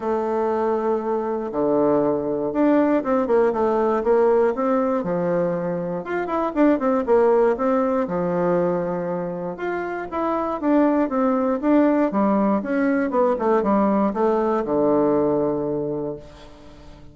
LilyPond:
\new Staff \with { instrumentName = "bassoon" } { \time 4/4 \tempo 4 = 119 a2. d4~ | d4 d'4 c'8 ais8 a4 | ais4 c'4 f2 | f'8 e'8 d'8 c'8 ais4 c'4 |
f2. f'4 | e'4 d'4 c'4 d'4 | g4 cis'4 b8 a8 g4 | a4 d2. | }